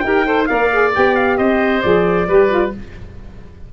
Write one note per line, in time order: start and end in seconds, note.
0.00 0.49 D#4
0.00 0.25 G4
0.00 0.45 G5
0.06 0.27 A#4
0.25 0.48 A4
0.25 0.49 C5
0.47 0.97 A#3
0.47 0.71 A#4
0.47 1.38 D5
0.47 0.92 F5
0.72 0.94 G#4
0.94 1.39 B3
0.94 1.84 G4
0.94 1.16 G5
1.16 1.38 F5
1.38 1.84 C4
1.38 2.28 C5
1.38 1.82 D#5
1.82 2.29 F3
1.82 2.29 G#4
1.82 2.73 D5
2.28 2.74 G3
2.28 2.50 G4
2.28 2.74 B4
2.50 2.73 F4